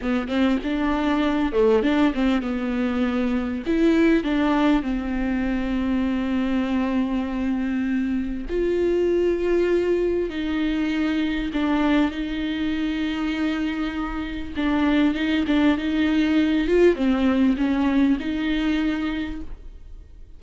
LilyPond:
\new Staff \with { instrumentName = "viola" } { \time 4/4 \tempo 4 = 99 b8 c'8 d'4. a8 d'8 c'8 | b2 e'4 d'4 | c'1~ | c'2 f'2~ |
f'4 dis'2 d'4 | dis'1 | d'4 dis'8 d'8 dis'4. f'8 | c'4 cis'4 dis'2 | }